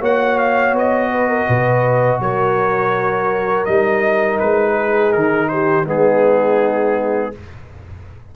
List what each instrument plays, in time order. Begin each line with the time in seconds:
0.00 tuba A#3, trombone F#4, horn C#5, trumpet F#5
0.39 trumpet F5
0.73 tuba B3, trumpet D#5
1.11 horn B4
1.29 horn A#4
1.48 tuba B2, horn B4
2.20 tuba F#3, horn A#4, trumpet C#5
3.66 tuba G3, trombone D#4, trumpet D#5
4.40 tuba G#3, trumpet B4
4.75 horn G#4
5.13 tuba D#3, trumpet A#4
5.49 horn G4, trumpet C5
5.86 tuba G#3, trombone B3, horn D#4, trumpet G#4